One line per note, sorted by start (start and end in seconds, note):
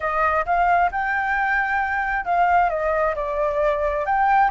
0.00 0.45 D#5
0.45 0.90 F5
0.91 2.25 G5
2.25 2.69 F5
2.69 3.14 D#5
3.15 4.05 D5
4.05 4.50 G5